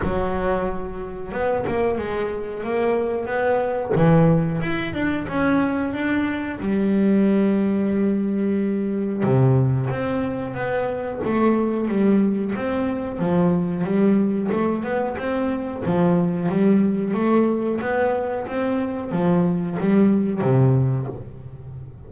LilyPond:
\new Staff \with { instrumentName = "double bass" } { \time 4/4 \tempo 4 = 91 fis2 b8 ais8 gis4 | ais4 b4 e4 e'8 d'8 | cis'4 d'4 g2~ | g2 c4 c'4 |
b4 a4 g4 c'4 | f4 g4 a8 b8 c'4 | f4 g4 a4 b4 | c'4 f4 g4 c4 | }